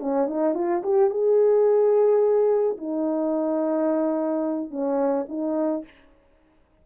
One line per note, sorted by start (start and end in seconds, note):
0.00 0.27 C#4
0.27 0.55 D#4
0.55 0.82 F4
0.83 1.10 G4
1.10 2.77 G#4
2.78 4.71 D#4
4.71 5.26 C#4
5.29 5.84 D#4